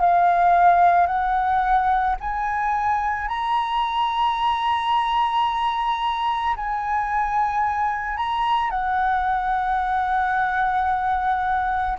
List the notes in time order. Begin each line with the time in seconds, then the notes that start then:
0.00 F5
1.07 F#5
2.20 G#5
3.28 A#5
6.56 G#5
8.17 A#5
8.70 F#5